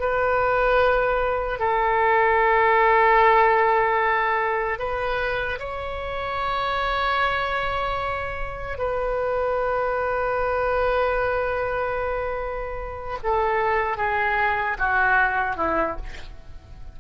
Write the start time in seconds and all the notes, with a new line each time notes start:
0.00 B4
1.59 A4
4.79 B4
5.59 C#5
8.78 B4
13.23 A4
13.97 G#4
14.79 F#4
15.56 E4